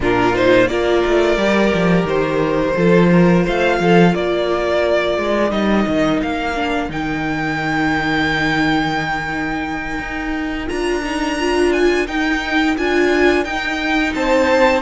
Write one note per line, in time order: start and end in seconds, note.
0.00 0.69 A#2
0.00 0.33 D4
0.00 0.70 F4
0.00 0.35 A#4
0.33 0.68 D#4
0.33 0.67 C5
0.67 1.03 A#3
0.67 1.38 F4
0.67 2.75 A#4
0.67 2.05 D5
1.05 1.37 A3
1.37 1.71 G3
1.37 2.76 G4
1.74 2.03 F3
2.03 2.72 D#3
2.03 3.45 C5
2.75 3.46 F3
2.75 5.49 F4
2.75 3.10 A4
3.11 3.44 A#4
3.44 3.79 A3
3.44 3.78 C5
3.44 4.14 F5
3.79 4.14 F3
3.79 4.14 A4
4.14 5.18 A#3
4.14 14.14 A#4
4.14 5.51 D5
5.18 5.50 G#3
5.49 5.85 G3
5.49 6.53 D#4
5.49 6.20 D#5
5.87 6.21 D#3
6.22 6.88 A#3
6.22 6.91 F5
6.55 6.89 D4
6.88 9.99 D#3
6.88 10.67 D#4
6.88 10.69 G5
9.99 10.68 D#4
10.67 12.07 D4
10.67 11.02 F4
10.67 11.72 A#5
11.03 11.37 D#4
11.39 12.06 F4
11.72 12.06 G#5
12.06 12.75 D#4
12.06 12.76 D#4
12.06 12.76 G5
12.77 13.45 D4
12.77 13.45 F4
12.77 13.44 G#5
13.44 14.14 D#4
13.44 14.81 D#4
13.44 14.13 G5
14.14 14.81 C4
14.14 14.81 C5
14.14 14.81 A5